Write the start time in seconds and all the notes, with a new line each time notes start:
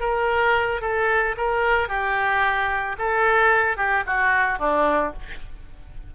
0.00 A#4
0.81 A4
1.37 A#4
1.88 G4
2.99 A4
3.77 G4
4.06 F#4
4.58 D4